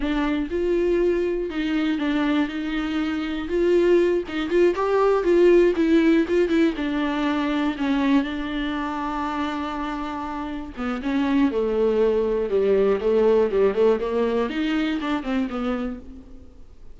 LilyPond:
\new Staff \with { instrumentName = "viola" } { \time 4/4 \tempo 4 = 120 d'4 f'2 dis'4 | d'4 dis'2 f'4~ | f'8 dis'8 f'8 g'4 f'4 e'8~ | e'8 f'8 e'8 d'2 cis'8~ |
cis'8 d'2.~ d'8~ | d'4. b8 cis'4 a4~ | a4 g4 a4 g8 a8 | ais4 dis'4 d'8 c'8 b4 | }